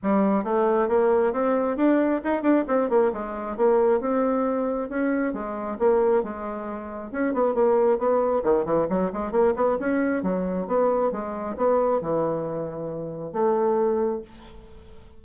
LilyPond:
\new Staff \with { instrumentName = "bassoon" } { \time 4/4 \tempo 4 = 135 g4 a4 ais4 c'4 | d'4 dis'8 d'8 c'8 ais8 gis4 | ais4 c'2 cis'4 | gis4 ais4 gis2 |
cis'8 b8 ais4 b4 dis8 e8 | fis8 gis8 ais8 b8 cis'4 fis4 | b4 gis4 b4 e4~ | e2 a2 | }